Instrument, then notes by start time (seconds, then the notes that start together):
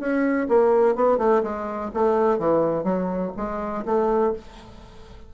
bassoon
0.00 C#4
0.49 A#3
0.96 B3
1.18 A3
1.43 G#3
1.94 A3
2.39 E3
2.84 F#3
3.37 G#3
3.86 A3